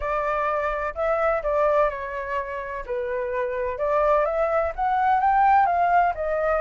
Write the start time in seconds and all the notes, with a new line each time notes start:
0.00 D5
0.94 E5
1.42 D5
1.89 C#5
2.86 B4
3.78 D5
4.25 E5
4.75 F#5
5.20 G5
5.66 F5
6.14 D#5